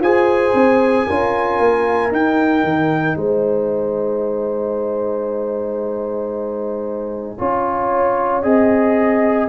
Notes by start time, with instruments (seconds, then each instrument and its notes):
0.00 tuba F4, trombone G#4, horn C5, trumpet G#5
0.54 tuba C4
1.07 tuba C#4, trombone F4, horn A#4
1.59 tuba A#3
2.11 tuba D#4, trombone D#4, trumpet G5
2.63 tuba D#3
3.16 tuba G#3, horn C5, trumpet G#5
7.38 tuba C#4, trombone F4, horn C#5
8.43 tuba C4, trombone G#4, horn D#5